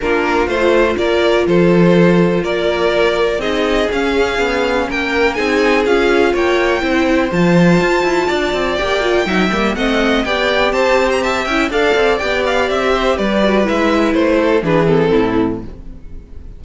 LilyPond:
<<
  \new Staff \with { instrumentName = "violin" } { \time 4/4 \tempo 4 = 123 ais'4 c''4 d''4 c''4~ | c''4 d''2 dis''4 | f''2 g''4 gis''4 | f''4 g''2 a''4~ |
a''2 g''2 | fis''4 g''4 a''8. ais''16 a''8 g''8 | f''4 g''8 f''8 e''4 d''4 | e''4 c''4 b'8 a'4. | }
  \new Staff \with { instrumentName = "violin" } { \time 4/4 f'2 ais'4 a'4~ | a'4 ais'2 gis'4~ | gis'2 ais'4 gis'4~ | gis'4 cis''4 c''2~ |
c''4 d''2 e''4 | dis''4 d''4 c''4 e''4 | d''2~ d''8 c''8 b'4~ | b'4. a'8 gis'4 e'4 | }
  \new Staff \with { instrumentName = "viola" } { \time 4/4 d'4 f'2.~ | f'2. dis'4 | cis'2. dis'4 | f'2 e'4 f'4~ |
f'2 g'8 f'8 dis'8 ais8 | c'4 g'2~ g'8 e'8 | a'4 g'2~ g'8 fis'8 | e'2 d'8 c'4. | }
  \new Staff \with { instrumentName = "cello" } { \time 4/4 ais4 a4 ais4 f4~ | f4 ais2 c'4 | cis'4 b4 ais4 c'4 | cis'4 ais4 c'4 f4 |
f'8 e'8 d'8 c'8 ais4 fis8 g8 | a4 b4 c'4. cis'8 | d'8 c'8 b4 c'4 g4 | gis4 a4 e4 a,4 | }
>>